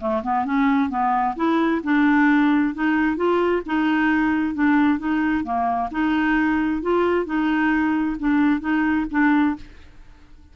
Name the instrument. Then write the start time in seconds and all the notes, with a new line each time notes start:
clarinet
0.00 A3
0.23 B3
0.45 C#4
0.90 B3
1.36 E4
1.84 D4
2.75 D#4
3.17 F4
3.66 D#4
4.55 D4
4.99 D#4
5.44 A#3
5.92 D#4
6.82 F4
7.26 D#4
8.19 D4
8.61 D#4
9.11 D4